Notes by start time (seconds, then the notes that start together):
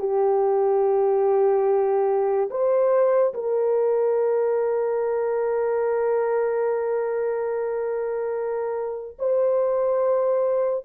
0.00 G4
2.51 C5
3.34 A#4
9.19 C5